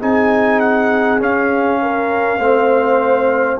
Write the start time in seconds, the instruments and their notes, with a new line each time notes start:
0.00 tuba C4, trombone D#4, horn G#4, trumpet G#5
0.60 trumpet F#5
1.20 trombone C#4, tuba C#4, trumpet F5
1.82 horn A#4
2.39 tuba A3, trombone C4, horn C5